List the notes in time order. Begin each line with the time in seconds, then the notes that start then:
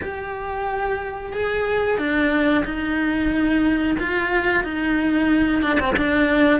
0.01 G4
1.32 G#4
1.98 D4
2.64 D#4
3.98 F4
4.63 D#4
5.62 D4
5.79 C4
5.96 D4